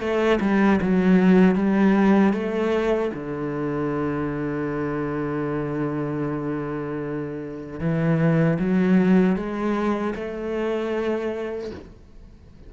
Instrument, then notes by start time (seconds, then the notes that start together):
cello
0.00 A3
0.40 G3
0.81 F#3
1.55 G3
2.33 A3
3.14 D3
7.80 E3
8.59 F#3
9.36 G#3
10.15 A3